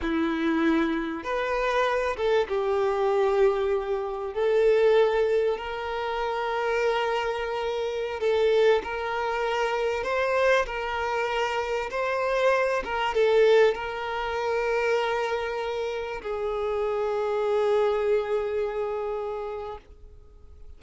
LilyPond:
\new Staff \with { instrumentName = "violin" } { \time 4/4 \tempo 4 = 97 e'2 b'4. a'8 | g'2. a'4~ | a'4 ais'2.~ | ais'4~ ais'16 a'4 ais'4.~ ais'16~ |
ais'16 c''4 ais'2 c''8.~ | c''8. ais'8 a'4 ais'4.~ ais'16~ | ais'2~ ais'16 gis'4.~ gis'16~ | gis'1 | }